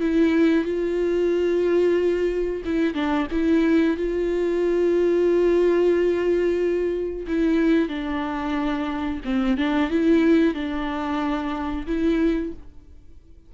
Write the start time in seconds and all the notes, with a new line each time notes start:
0.00 E4
0.64 F4
2.65 E4
2.94 D4
3.31 E4
3.97 F4
7.27 E4
7.88 D4
9.24 C4
9.57 D4
9.90 E4
10.54 D4
11.87 E4